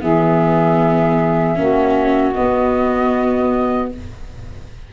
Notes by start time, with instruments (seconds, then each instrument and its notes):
0.00 tuba E3, viola B3, saxophone G#4, flute E5
1.55 tuba A#3, viola C#4, saxophone F#4
2.32 viola B3, tuba B3, flute D#5